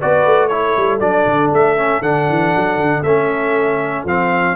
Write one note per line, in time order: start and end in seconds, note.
0.00 0.25 B3
0.00 0.50 F#4
0.00 0.50 B4
0.00 0.48 D5
0.25 0.76 A3
0.48 1.00 E4
0.48 4.56 A4
0.48 0.99 C#5
0.76 0.99 G3
0.99 1.25 F#3
0.99 1.76 D4
0.99 1.50 D5
1.26 1.51 D3
1.53 2.01 A3
1.53 2.02 E5
1.76 2.02 C#4
2.01 2.26 D3
2.01 3.04 D4
2.01 3.03 F#5
2.29 2.54 E3
2.55 2.76 F#3
2.76 3.01 D3
3.02 4.03 A3
3.02 4.07 C#4
3.02 4.04 E5
4.04 4.55 F3
4.04 4.56 C4
4.04 4.56 F5